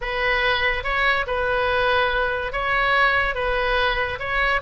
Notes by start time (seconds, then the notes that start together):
0.01 B4
0.83 C#5
1.26 B4
2.52 C#5
3.34 B4
4.19 C#5